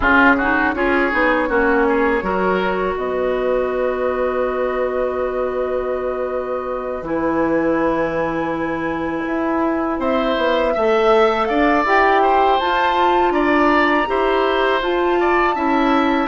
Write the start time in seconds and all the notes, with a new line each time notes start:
0.00 C#3 C#4 F4 G#4
0.37 D#4 F#4
0.73 C#4 F4 G#4 C#5
1.11 B3 D#4
1.48 A#3 C#4 F#4
1.89 G#4
2.21 F#3 F#4 A#4
2.95 B3 B4 D#5
7.02 E3 E4 G#5
9.25 E4
9.99 C4 C5 E5
10.37 B3
10.73 A3 A4 E5
11.45 D4 D5 F5
11.84 E4 G4 G5
12.21 C5
12.59 F4 A5
13.30 D4 D5 A#5
14.06 E4 G4 C5
14.81 F4 A5
15.19 D5
15.54 C#4 E4 E5